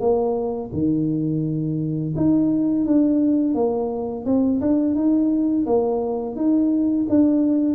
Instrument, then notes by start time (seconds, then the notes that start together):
tuba
0.00 A#3
0.73 D#3
2.16 D#4
2.86 D4
3.55 A#3
4.25 C4
4.61 D4
4.95 D#4
5.66 A#3
6.36 D#4
7.09 D4